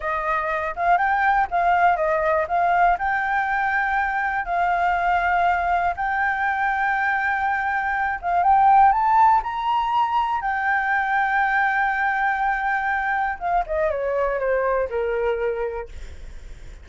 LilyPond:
\new Staff \with { instrumentName = "flute" } { \time 4/4 \tempo 4 = 121 dis''4. f''8 g''4 f''4 | dis''4 f''4 g''2~ | g''4 f''2. | g''1~ |
g''8 f''8 g''4 a''4 ais''4~ | ais''4 g''2.~ | g''2. f''8 dis''8 | cis''4 c''4 ais'2 | }